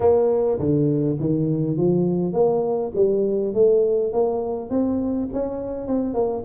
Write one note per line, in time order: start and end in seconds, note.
0.00 0.59 A#3
0.59 1.18 D3
1.20 1.77 D#3
1.77 2.33 F3
2.33 2.91 A#3
2.95 3.53 G3
3.54 4.12 A3
4.12 4.70 A#3
4.70 5.28 C4
5.33 5.87 C#4
5.87 6.13 C4
6.13 6.43 A#3